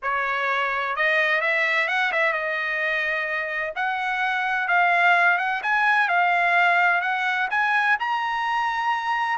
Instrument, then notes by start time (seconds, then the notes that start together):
trumpet
0.02 C#5
0.95 D#5
1.41 E5
1.87 F#5
2.12 E5
2.32 D#5
3.75 F#5
4.67 F5
5.38 F#5
5.62 G#5
6.08 F5
7.01 F#5
7.50 G#5
7.99 A#5